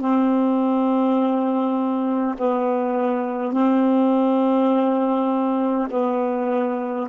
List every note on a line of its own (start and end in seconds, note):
0.00 2.35 C4
2.38 3.52 B3
3.52 5.88 C4
5.90 7.08 B3